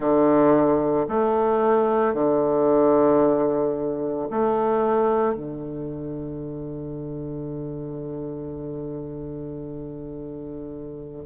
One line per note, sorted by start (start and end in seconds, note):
0.00 1.07 D3
1.08 2.14 A3
2.14 4.28 D3
4.30 5.35 A3
5.35 11.24 D3